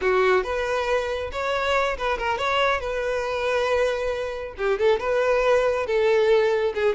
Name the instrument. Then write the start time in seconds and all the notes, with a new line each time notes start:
violin
0.01 F#4
0.43 B4
1.32 C#5
1.97 B4
2.17 A#4
2.38 C#5
2.80 B4
4.57 G4
4.78 A4
4.99 B4
5.86 A4
6.74 G#4